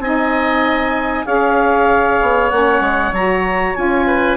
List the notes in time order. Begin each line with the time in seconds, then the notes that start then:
0.00 C4 D#4 D#5 G#5
1.26 C#4 G#4 C#5 F5
2.22 B3
2.50 A#3 C#4 F#5
2.81 G#3
3.13 F#3 F#4 A#5
3.75 C#4 F4 G#5
4.07 B4